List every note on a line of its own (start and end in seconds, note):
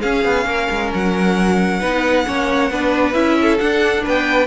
0.00 1.81 C#4
0.00 0.24 C#4
0.00 0.45 G#4
0.00 0.90 F5
0.24 0.46 B3
0.46 0.68 A#3
0.46 1.79 A#4
0.69 0.92 G#3
0.94 1.81 F#3
0.94 3.13 F#5
1.79 2.26 B3
1.79 2.25 D#4
1.79 2.24 B4
2.25 2.70 A#3
2.25 2.70 C#4
2.25 2.71 C#5
2.70 3.14 B3
2.70 3.13 D4
2.70 3.38 B4
3.13 3.59 C#4
3.13 3.58 E4
3.13 3.57 E5
3.41 4.03 A4
3.58 4.47 D4
3.58 4.06 D4
3.58 4.03 F#5
4.03 4.47 B3
4.03 4.47 B4
4.03 4.47 G5